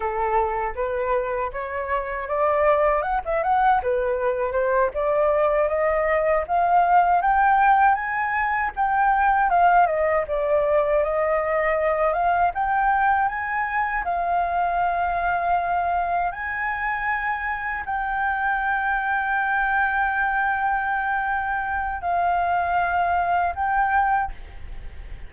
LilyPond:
\new Staff \with { instrumentName = "flute" } { \time 4/4 \tempo 4 = 79 a'4 b'4 cis''4 d''4 | fis''16 e''16 fis''8 b'4 c''8 d''4 dis''8~ | dis''8 f''4 g''4 gis''4 g''8~ | g''8 f''8 dis''8 d''4 dis''4. |
f''8 g''4 gis''4 f''4.~ | f''4. gis''2 g''8~ | g''1~ | g''4 f''2 g''4 | }